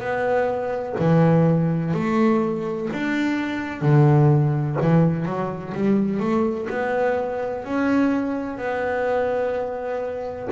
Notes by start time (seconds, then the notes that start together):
0.00 B3
0.99 E3
1.94 A3
2.93 D4
3.81 D3
4.81 E3
5.26 F#3
5.74 G3
6.20 A3
6.70 B3
7.65 C#4
8.58 B3